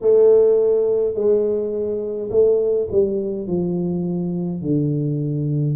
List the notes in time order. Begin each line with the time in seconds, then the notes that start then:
0.01 A3
1.14 G#3
2.30 A3
2.91 G3
3.47 F3
4.62 D3